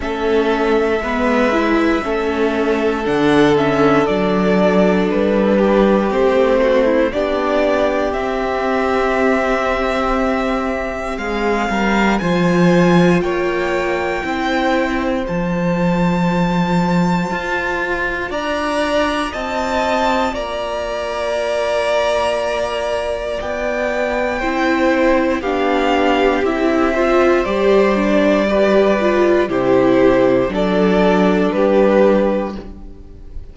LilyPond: <<
  \new Staff \with { instrumentName = "violin" } { \time 4/4 \tempo 4 = 59 e''2. fis''8 e''8 | d''4 b'4 c''4 d''4 | e''2. f''4 | gis''4 g''2 a''4~ |
a''2 ais''4 a''4 | ais''2. g''4~ | g''4 f''4 e''4 d''4~ | d''4 c''4 d''4 b'4 | }
  \new Staff \with { instrumentName = "violin" } { \time 4/4 a'4 b'4 a'2~ | a'4. g'4 fis'16 e'16 g'4~ | g'2. gis'8 ais'8 | c''4 cis''4 c''2~ |
c''2 d''4 dis''4 | d''1 | c''4 g'4. c''4. | b'4 g'4 a'4 g'4 | }
  \new Staff \with { instrumentName = "viola" } { \time 4/4 cis'4 b8 e'8 cis'4 d'8 cis'8 | d'2 c'4 d'4 | c'1 | f'2 e'4 f'4~ |
f'1~ | f'1 | e'4 d'4 e'8 f'8 g'8 d'8 | g'8 f'8 e'4 d'2 | }
  \new Staff \with { instrumentName = "cello" } { \time 4/4 a4 gis4 a4 d4 | fis4 g4 a4 b4 | c'2. gis8 g8 | f4 ais4 c'4 f4~ |
f4 f'4 d'4 c'4 | ais2. b4 | c'4 b4 c'4 g4~ | g4 c4 fis4 g4 | }
>>